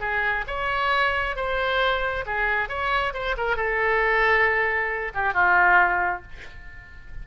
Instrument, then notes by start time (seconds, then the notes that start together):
oboe
0.00 G#4
0.47 C#5
1.36 C5
2.26 G#4
2.68 C#5
3.13 C5
3.37 A#4
3.56 A4
5.14 G4
5.34 F4